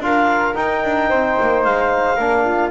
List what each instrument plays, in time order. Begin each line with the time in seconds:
0.00 double bass D4, trombone F4, flute A#4, clarinet F5
0.55 trombone D#4, double bass D#4, clarinet G5
0.84 double bass D4
1.09 double bass C4, flute C5
1.41 double bass A#3
1.64 double bass G#3, clarinet F5
2.16 double bass A#3, trombone D4, flute A#4
2.45 flute F4